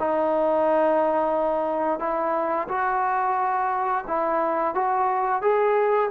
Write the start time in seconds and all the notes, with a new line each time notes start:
0.00 D#4
2.00 E4
2.69 F#4
4.08 E4
4.75 F#4
5.42 G#4